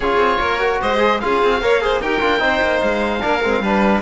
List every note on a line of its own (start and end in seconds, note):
0.00 0.17 C#4
0.00 0.59 F4
0.00 0.39 G#4
0.00 0.80 C#5
0.17 0.37 C4
0.40 0.80 A#3
0.40 0.80 A#4
0.59 0.98 F#4
0.80 1.23 G#3
0.80 1.21 C5
0.80 1.19 D#5
0.98 1.18 G#4
1.19 1.42 C#4
1.19 1.61 F4
1.19 1.62 G#4
1.19 2.00 F5
1.42 1.61 C4
1.61 2.00 A#3
1.61 1.81 A#4
1.61 1.82 C#5
1.81 2.01 G#4
1.81 2.01 C5
2.00 2.21 D#4
2.00 2.20 G4
2.00 2.41 A#4
2.00 2.80 G5
2.20 2.40 D4
2.20 2.38 F4
2.38 2.60 C4
2.38 3.19 D#4
2.38 3.21 C5
2.61 2.81 A#3
2.80 3.22 G#3
2.80 4.01 F5
3.20 3.44 A#3
3.20 3.41 D4
3.20 3.62 A#4
3.43 3.60 G#3
3.43 3.63 C4
3.60 4.00 G3
3.60 4.01 D4
3.60 4.01 B4